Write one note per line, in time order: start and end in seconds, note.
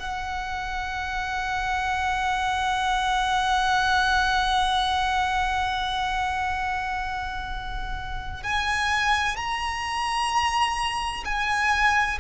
0.00 8.43 F#5
8.43 9.37 G#5
9.37 11.24 A#5
11.25 12.19 G#5